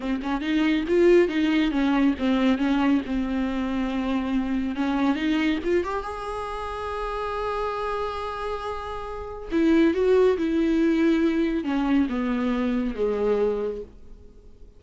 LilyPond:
\new Staff \with { instrumentName = "viola" } { \time 4/4 \tempo 4 = 139 c'8 cis'8 dis'4 f'4 dis'4 | cis'4 c'4 cis'4 c'4~ | c'2. cis'4 | dis'4 f'8 g'8 gis'2~ |
gis'1~ | gis'2 e'4 fis'4 | e'2. cis'4 | b2 gis2 | }